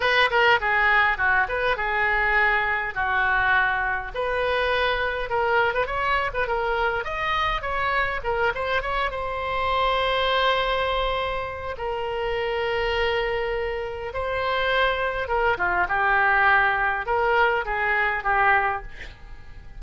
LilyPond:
\new Staff \with { instrumentName = "oboe" } { \time 4/4 \tempo 4 = 102 b'8 ais'8 gis'4 fis'8 b'8 gis'4~ | gis'4 fis'2 b'4~ | b'4 ais'8. b'16 cis''8. b'16 ais'4 | dis''4 cis''4 ais'8 c''8 cis''8 c''8~ |
c''1 | ais'1 | c''2 ais'8 f'8 g'4~ | g'4 ais'4 gis'4 g'4 | }